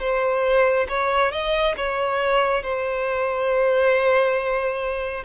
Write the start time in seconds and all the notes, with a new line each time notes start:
0.00 C5
0.89 C#5
1.32 D#5
1.77 C#5
2.63 C5